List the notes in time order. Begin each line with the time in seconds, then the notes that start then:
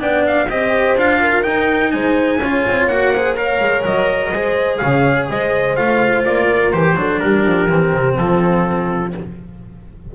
0.00 B3 D4 D5 G5
0.27 F5
0.49 C4 G4 C5 D#5
0.96 D4 F4 F5
1.21 A#4
1.43 D#4 G5
1.92 G#3 C5 G#5
2.40 C#4 F4 C#5
2.68 C4
2.88 A#3 F#4 F#5
3.15 G#4 C5
3.36 A#4 C#5 F5
3.60 G#3
3.86 F#3 D#5
4.33 G#3 G#4 C5
4.78 C#3 C#5 F5
5.30 G#3 C5 D#5
5.76 A3 F4 F5
6.25 A#3 D5
6.48 A#4
6.72 E3 G4 C5
6.95 F#3 D4 A4
7.20 G3 G4 A#4
7.46 F3
7.70 E3 C4
7.94 C3
8.18 F3 F4 A4